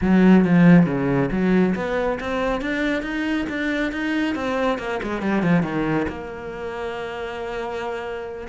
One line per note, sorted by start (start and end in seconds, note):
0.01 0.44 F#3
0.44 0.86 F3
0.86 1.29 C#3
1.31 1.75 F#3
1.75 2.18 B3
2.20 2.61 C4
2.61 3.02 D4
3.02 3.45 D#4
3.49 3.92 D4
3.92 4.35 D#4
4.35 4.78 C4
4.78 5.00 A#3
5.02 5.21 G#3
5.21 5.42 G3
5.42 5.63 F3
5.63 6.06 D#3
6.08 8.47 A#3